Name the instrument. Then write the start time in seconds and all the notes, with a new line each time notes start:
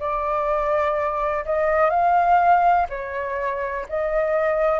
flute
0.00 D5
1.45 D#5
1.90 F5
2.89 C#5
3.89 D#5